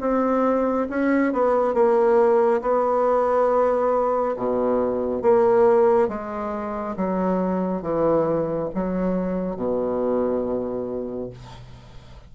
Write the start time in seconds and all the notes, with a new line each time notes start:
0.00 C4
0.89 C#4
1.33 B3
1.74 A#3
2.61 B3
4.36 B2
5.22 A#3
6.08 G#3
6.96 F#3
7.82 E3
8.74 F#3
9.56 B2